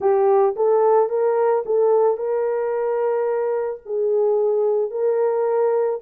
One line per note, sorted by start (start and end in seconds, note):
0.00 0.55 G4
0.56 1.09 A4
1.09 1.63 A#4
1.65 2.17 A4
2.17 3.81 A#4
3.85 4.90 G#4
4.90 5.99 A#4